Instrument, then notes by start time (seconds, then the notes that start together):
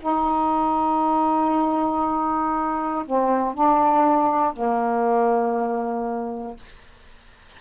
saxophone
0.00 D#4
3.06 C4
3.55 D4
4.53 A#3